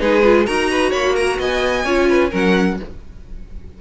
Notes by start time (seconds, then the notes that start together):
0.00 G#3 D#4 G#4 B4
0.24 F4
0.46 D#4 F#4 A#4 A#5
0.71 B4
0.91 A#3 C#5 B5
1.16 A#4 A#5
1.39 B3 D#5 G#5
1.85 C#4 F4 C#5
2.10 B4
2.31 F#3 C#4 A#4 F#5